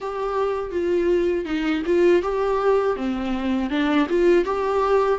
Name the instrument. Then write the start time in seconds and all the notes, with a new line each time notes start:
viola
0.00 G4
0.71 F4
1.45 D#4
1.86 F4
2.22 G4
2.96 C4
3.70 D4
4.09 F4
4.44 G4